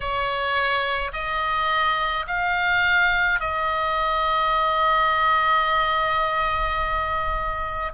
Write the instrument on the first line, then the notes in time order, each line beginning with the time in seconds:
oboe
0.00 C#5
1.13 D#5
2.26 F5
3.40 D#5